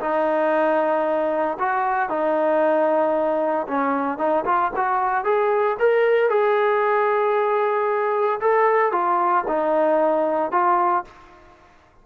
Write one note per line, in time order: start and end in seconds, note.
0.00 1.58 D#4
1.59 2.09 F#4
2.09 3.67 D#4
3.68 4.18 C#4
4.18 4.44 D#4
4.45 4.72 F4
4.76 5.25 F#4
5.25 5.77 G#4
5.80 6.30 A#4
6.30 8.40 G#4
8.41 8.92 A4
8.92 9.45 F4
9.48 10.52 D#4
10.52 11.05 F4